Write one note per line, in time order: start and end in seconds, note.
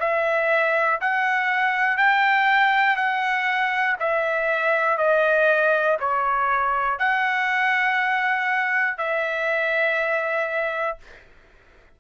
0.00 1.00 E5
1.01 1.98 F#5
1.98 2.97 G5
2.97 3.97 F#5
4.00 4.98 E5
4.98 5.98 D#5
6.00 6.99 C#5
6.99 8.98 F#5
8.98 10.98 E5